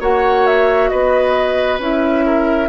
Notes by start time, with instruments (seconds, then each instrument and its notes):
0.00 bassoon A#3, clarinet F#4, oboe C#5, flute F#5
0.46 flute E5
0.89 bassoon B3, oboe B4, flute D#5
1.78 bassoon C#4, clarinet E4, flute E5
2.26 oboe A#4